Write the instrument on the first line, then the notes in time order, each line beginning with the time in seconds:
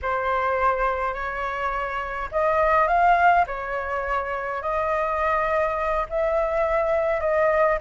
flute
0.02 C5
1.14 C#5
2.31 D#5
2.87 F5
3.46 C#5
4.62 D#5
6.09 E5
7.20 D#5